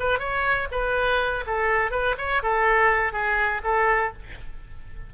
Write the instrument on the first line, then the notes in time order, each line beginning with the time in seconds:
oboe
0.00 B4
0.19 C#5
0.71 B4
1.47 A4
1.91 B4
2.18 C#5
2.43 A4
3.12 G#4
3.64 A4